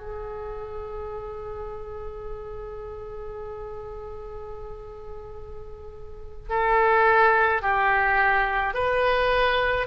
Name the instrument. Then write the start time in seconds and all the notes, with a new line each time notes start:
oboe
0.00 G#4
6.49 A4
7.62 G4
8.74 B4